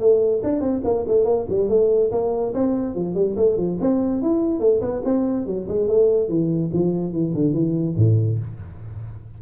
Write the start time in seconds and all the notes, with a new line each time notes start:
0.00 A3
0.44 D4
0.61 C4
0.85 A#3
1.08 A3
1.25 A#3
1.49 G3
1.69 A3
2.12 A#3
2.54 C4
2.95 F3
3.15 G3
3.37 A3
3.57 F3
3.81 C4
4.22 E4
4.60 A3
4.81 B3
5.05 C4
5.47 F#3
5.69 G#3
5.88 A3
6.29 E3
6.73 F3
7.13 E3
7.34 D3
7.54 E3
7.97 A2